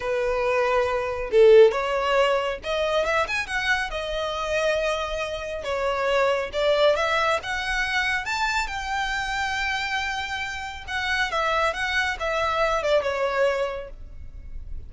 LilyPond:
\new Staff \with { instrumentName = "violin" } { \time 4/4 \tempo 4 = 138 b'2. a'4 | cis''2 dis''4 e''8 gis''8 | fis''4 dis''2.~ | dis''4 cis''2 d''4 |
e''4 fis''2 a''4 | g''1~ | g''4 fis''4 e''4 fis''4 | e''4. d''8 cis''2 | }